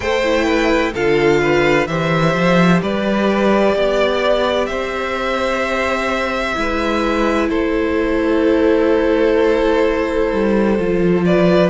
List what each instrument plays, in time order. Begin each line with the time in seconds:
0.00 cello A3, viola A4, violin C5 G5
0.23 viola E4
0.44 violin B4
0.93 cello D3, viola F4, violin A4 F5
1.41 violin B4
1.86 cello E3, viola G4, violin C5 E5
2.34 cello F3
2.81 cello G3, violin B4 D5
3.76 cello B3, violin D5
4.66 cello C4, violin C5 E5
6.54 cello G#3, viola E4, violin B4
7.49 cello A3, violin A4 C5
10.31 cello G3
10.79 cello F3, viola F4
11.25 violin B4 D5